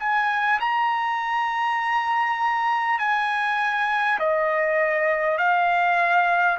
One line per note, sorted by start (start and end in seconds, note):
0.00 0.60 G#5
0.61 2.99 A#5
2.99 4.19 G#5
4.20 5.39 D#5
5.39 6.59 F5